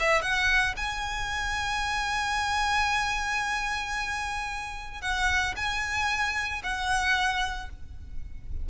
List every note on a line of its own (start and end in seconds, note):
0.00 0.22 E5
0.22 0.75 F#5
0.77 5.02 G#5
5.02 5.55 F#5
5.56 6.63 G#5
6.63 7.70 F#5